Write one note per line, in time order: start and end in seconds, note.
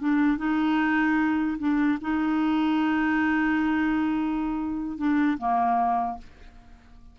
0.00 0.38 D4
0.38 1.58 D#4
1.59 1.99 D4
2.02 4.98 D#4
4.98 5.38 D4
5.38 6.18 A#3